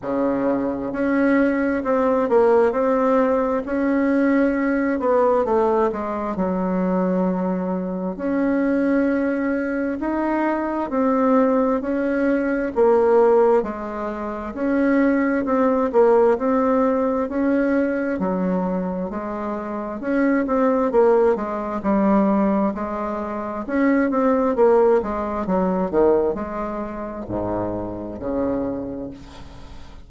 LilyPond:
\new Staff \with { instrumentName = "bassoon" } { \time 4/4 \tempo 4 = 66 cis4 cis'4 c'8 ais8 c'4 | cis'4. b8 a8 gis8 fis4~ | fis4 cis'2 dis'4 | c'4 cis'4 ais4 gis4 |
cis'4 c'8 ais8 c'4 cis'4 | fis4 gis4 cis'8 c'8 ais8 gis8 | g4 gis4 cis'8 c'8 ais8 gis8 | fis8 dis8 gis4 gis,4 cis4 | }